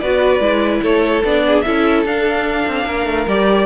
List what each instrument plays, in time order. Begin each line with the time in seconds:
0.00 cello B3, viola F#4, violin B4 D5
0.40 cello G#3, viola E4
0.82 cello A3, violin A4 C#5
1.24 cello B3, viola D4, violin D5
1.47 violin G#4
1.62 cello C#4, viola E4, violin A4 E5
2.06 cello D4, viola D4, violin F5
2.68 cello C4
2.86 cello A#3, violin A#4
3.06 cello A3
3.27 cello G3, viola G4, violin D5